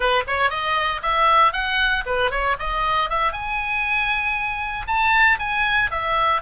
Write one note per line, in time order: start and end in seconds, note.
0.00 0.23 B4
0.27 0.50 C#5
0.50 1.01 D#5
1.02 1.52 E5
1.52 2.04 F#5
2.06 2.31 B4
2.31 2.56 C#5
2.59 3.09 D#5
3.09 3.32 E5
3.32 4.86 G#5
4.87 5.38 A5
5.39 5.90 G#5
5.90 6.41 E5